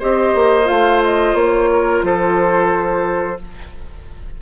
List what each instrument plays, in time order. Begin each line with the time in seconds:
0.00 bassoon C4, clarinet G4, oboe C5, flute D#5
0.35 bassoon A#3
0.65 bassoon A3, clarinet F4, flute F5
1.04 flute D#5
1.35 bassoon A#3, flute C#5
1.72 oboe A#4
2.03 bassoon F3, oboe A4, flute C5